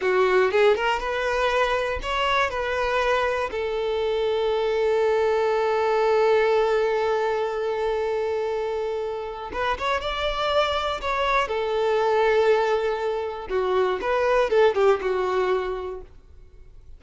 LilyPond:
\new Staff \with { instrumentName = "violin" } { \time 4/4 \tempo 4 = 120 fis'4 gis'8 ais'8 b'2 | cis''4 b'2 a'4~ | a'1~ | a'1~ |
a'2. b'8 cis''8 | d''2 cis''4 a'4~ | a'2. fis'4 | b'4 a'8 g'8 fis'2 | }